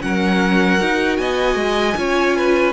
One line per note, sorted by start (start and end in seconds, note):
0.00 0.80 F#3
0.00 0.78 C#4
0.00 1.19 A#4
0.00 1.17 F#5
0.78 1.19 D#4
0.78 1.95 F#4
1.17 1.55 B3
1.17 1.97 D#5
1.17 2.72 G#5
1.55 1.94 G#3
1.96 2.73 C#4
1.96 2.73 F4
1.96 2.36 C#5
2.36 2.73 B4